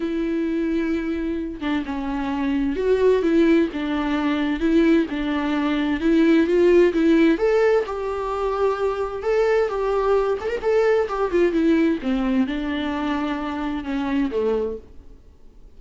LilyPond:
\new Staff \with { instrumentName = "viola" } { \time 4/4 \tempo 4 = 130 e'2.~ e'8 d'8 | cis'2 fis'4 e'4 | d'2 e'4 d'4~ | d'4 e'4 f'4 e'4 |
a'4 g'2. | a'4 g'4. a'16 ais'16 a'4 | g'8 f'8 e'4 c'4 d'4~ | d'2 cis'4 a4 | }